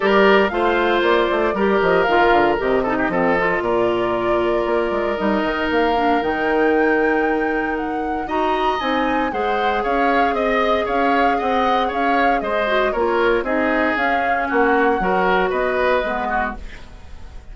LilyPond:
<<
  \new Staff \with { instrumentName = "flute" } { \time 4/4 \tempo 4 = 116 d''4 f''4 d''4. dis''8 | f''4 dis''2 d''4~ | d''2 dis''4 f''4 | g''2. fis''4 |
ais''4 gis''4 fis''4 f''4 | dis''4 f''4 fis''4 f''4 | dis''4 cis''4 dis''4 f''4 | fis''2 dis''2 | }
  \new Staff \with { instrumentName = "oboe" } { \time 4/4 ais'4 c''2 ais'4~ | ais'4. a'16 g'16 a'4 ais'4~ | ais'1~ | ais'1 |
dis''2 c''4 cis''4 | dis''4 cis''4 dis''4 cis''4 | c''4 ais'4 gis'2 | fis'4 ais'4 b'4. fis'8 | }
  \new Staff \with { instrumentName = "clarinet" } { \time 4/4 g'4 f'2 g'4 | f'4 g'8 dis'8 c'8 f'4.~ | f'2 dis'4. d'8 | dis'1 |
fis'4 dis'4 gis'2~ | gis'1~ | gis'8 fis'8 f'4 dis'4 cis'4~ | cis'4 fis'2 b4 | }
  \new Staff \with { instrumentName = "bassoon" } { \time 4/4 g4 a4 ais8 a8 g8 f8 | dis8 d8 c4 f4 ais,4~ | ais,4 ais8 gis8 g8 dis8 ais4 | dis1 |
dis'4 c'4 gis4 cis'4 | c'4 cis'4 c'4 cis'4 | gis4 ais4 c'4 cis'4 | ais4 fis4 b4 gis4 | }
>>